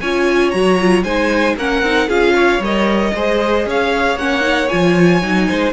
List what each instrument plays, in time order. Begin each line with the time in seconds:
0.00 cello C#4, viola F4, violin C#5 G#5
0.51 cello F#3, viola F#4, violin A#5
0.79 viola F4
1.03 cello G#3, viola D#4, violin C5 G#5
1.57 cello A#3, viola C#4, violin A#4 F#5
1.82 cello C4, viola D#4
2.09 cello C#4, viola F4, violin G#4 F5
2.34 violin C#5
2.59 cello G3, viola A#4, violin D#5
3.14 cello G#3, viola G#4, violin C5
3.66 cello C#4, violin C#5 F5
4.16 cello A#3, viola C#4, violin F#5
4.41 viola D#4
4.69 cello F3, viola F4, violin G#5
5.22 cello F#3, viola D#4
5.48 cello G#3, violin C5